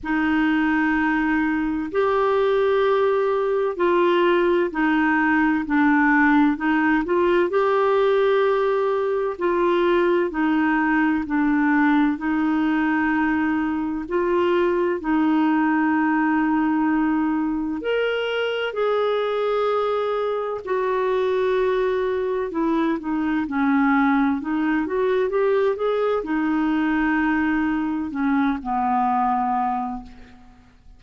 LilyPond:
\new Staff \with { instrumentName = "clarinet" } { \time 4/4 \tempo 4 = 64 dis'2 g'2 | f'4 dis'4 d'4 dis'8 f'8 | g'2 f'4 dis'4 | d'4 dis'2 f'4 |
dis'2. ais'4 | gis'2 fis'2 | e'8 dis'8 cis'4 dis'8 fis'8 g'8 gis'8 | dis'2 cis'8 b4. | }